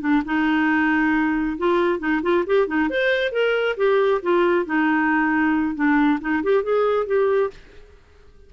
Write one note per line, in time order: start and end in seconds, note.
0.00 0.22 D4
0.25 1.57 D#4
1.58 1.99 F4
1.99 2.21 D#4
2.22 2.44 F4
2.46 2.67 G4
2.67 2.89 D#4
2.89 3.32 C5
3.32 3.76 A#4
3.77 4.21 G4
4.22 4.65 F4
4.65 5.75 D#4
5.75 6.19 D4
6.20 6.43 D#4
6.43 6.63 G4
6.63 7.06 G#4
7.06 7.50 G4